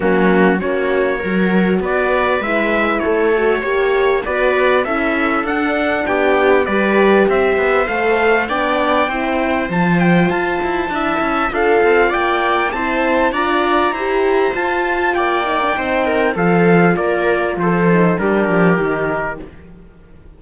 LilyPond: <<
  \new Staff \with { instrumentName = "trumpet" } { \time 4/4 \tempo 4 = 99 fis'4 cis''2 d''4 | e''4 cis''2 d''4 | e''4 fis''4 g''4 d''4 | e''4 f''4 g''2 |
a''8 g''8 a''2 f''4 | g''4 a''4 ais''2 | a''4 g''2 f''4 | d''4 c''4 ais'2 | }
  \new Staff \with { instrumentName = "viola" } { \time 4/4 cis'4 fis'4 ais'4 b'4~ | b'4 a'4 cis''4 b'4 | a'2 g'4 b'4 | c''2 d''4 c''4~ |
c''2 e''4 a'4 | d''4 c''4 d''4 c''4~ | c''4 d''4 c''8 ais'8 a'4 | ais'4 a'4 g'2 | }
  \new Staff \with { instrumentName = "horn" } { \time 4/4 ais4 cis'4 fis'2 | e'4. fis'8 g'4 fis'4 | e'4 d'2 g'4~ | g'4 a'4 d'4 e'4 |
f'2 e'4 f'4~ | f'4 e'4 f'4 g'4 | f'4. dis'16 d'16 dis'4 f'4~ | f'4. dis'8 d'4 dis'4 | }
  \new Staff \with { instrumentName = "cello" } { \time 4/4 fis4 ais4 fis4 b4 | gis4 a4 ais4 b4 | cis'4 d'4 b4 g4 | c'8 b8 a4 b4 c'4 |
f4 f'8 e'8 d'8 cis'8 d'8 c'8 | ais4 c'4 d'4 e'4 | f'4 ais4 c'4 f4 | ais4 f4 g8 f8 dis4 | }
>>